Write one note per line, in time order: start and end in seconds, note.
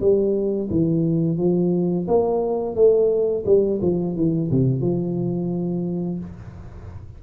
0.00 0.69 G3
0.70 1.37 E3
1.37 2.06 F3
2.08 2.75 A#3
2.75 3.44 A3
3.45 3.80 G3
3.81 4.16 F3
4.16 4.50 E3
4.50 4.81 C3
4.81 6.19 F3